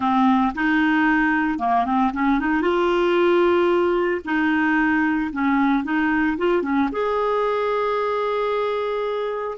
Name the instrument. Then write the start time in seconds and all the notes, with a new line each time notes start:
clarinet
0.00 C4
0.54 D#4
1.59 A#3
1.85 C4
2.13 C#4
2.39 D#4
2.61 F4
4.24 D#4
5.32 C#4
5.84 D#4
6.37 F4
6.62 C#4
6.92 G#4